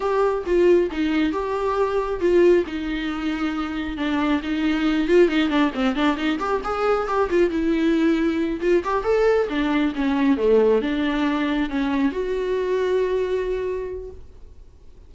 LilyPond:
\new Staff \with { instrumentName = "viola" } { \time 4/4 \tempo 4 = 136 g'4 f'4 dis'4 g'4~ | g'4 f'4 dis'2~ | dis'4 d'4 dis'4. f'8 | dis'8 d'8 c'8 d'8 dis'8 g'8 gis'4 |
g'8 f'8 e'2~ e'8 f'8 | g'8 a'4 d'4 cis'4 a8~ | a8 d'2 cis'4 fis'8~ | fis'1 | }